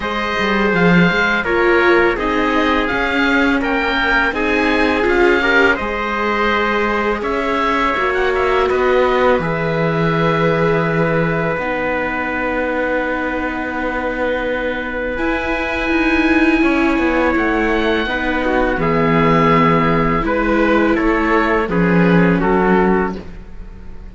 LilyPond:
<<
  \new Staff \with { instrumentName = "oboe" } { \time 4/4 \tempo 4 = 83 dis''4 f''4 cis''4 dis''4 | f''4 g''4 gis''4 f''4 | dis''2 e''4~ e''16 fis''16 e''8 | dis''4 e''2. |
fis''1~ | fis''4 gis''2. | fis''2 e''2 | b'4 cis''4 b'4 a'4 | }
  \new Staff \with { instrumentName = "trumpet" } { \time 4/4 c''2 ais'4 gis'4~ | gis'4 ais'4 gis'4. ais'8 | c''2 cis''2 | b'1~ |
b'1~ | b'2. cis''4~ | cis''4 b'8 fis'8 gis'2 | b'4 a'4 gis'4 fis'4 | }
  \new Staff \with { instrumentName = "viola" } { \time 4/4 gis'2 f'4 dis'4 | cis'2 dis'4 f'8 g'8 | gis'2. fis'4~ | fis'4 gis'2. |
dis'1~ | dis'4 e'2.~ | e'4 dis'4 b2 | e'2 cis'2 | }
  \new Staff \with { instrumentName = "cello" } { \time 4/4 gis8 g8 f8 gis8 ais4 c'4 | cis'4 ais4 c'4 cis'4 | gis2 cis'4 ais4 | b4 e2. |
b1~ | b4 e'4 dis'4 cis'8 b8 | a4 b4 e2 | gis4 a4 f4 fis4 | }
>>